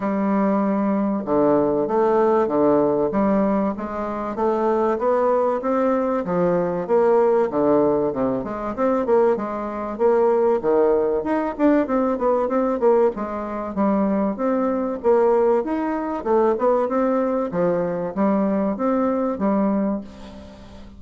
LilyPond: \new Staff \with { instrumentName = "bassoon" } { \time 4/4 \tempo 4 = 96 g2 d4 a4 | d4 g4 gis4 a4 | b4 c'4 f4 ais4 | d4 c8 gis8 c'8 ais8 gis4 |
ais4 dis4 dis'8 d'8 c'8 b8 | c'8 ais8 gis4 g4 c'4 | ais4 dis'4 a8 b8 c'4 | f4 g4 c'4 g4 | }